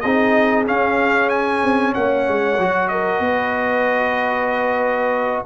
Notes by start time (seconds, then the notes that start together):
0.00 C4 D#4 G#4 D#5
0.66 C#4 F5
1.29 G#5
1.63 C4
1.93 A#3 C#5 F#5
2.28 G#3
2.58 F#3 F#4
2.88 A#4 D#5
3.19 B3 B4